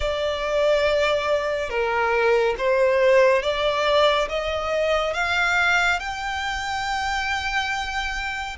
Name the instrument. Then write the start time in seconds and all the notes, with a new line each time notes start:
violin
0.00 D5
1.69 A#4
2.58 C5
3.42 D5
4.29 D#5
5.14 F5
5.99 G5